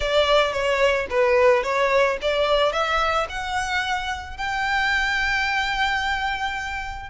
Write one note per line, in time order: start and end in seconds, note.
0.00 0.52 D5
0.52 1.07 C#5
1.10 1.63 B4
1.63 2.17 C#5
2.21 2.72 D5
2.72 3.27 E5
3.29 4.37 F#5
4.37 7.09 G5